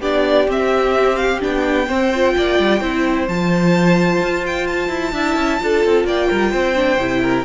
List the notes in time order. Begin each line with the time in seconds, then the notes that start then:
0.00 B3 D4 G4 D5
0.48 C4 E5
1.16 F5
1.41 B3 D4 G5
1.87 C4 C5
2.14 F4
2.37 A#3 D5
2.59 G3
2.80 C4 E4 C5
3.28 F3 F4 A5
4.21 F4
4.47 G5
4.67 A5
4.89 E4
5.12 D4 E4 E5
5.36 C#4
5.60 D4 F4 A4
5.85 C4
6.04 A#3 D5 G5
6.28 G3 A#4
6.51 C4 C5
6.75 D4
6.98 C3 E4
7.22 A#4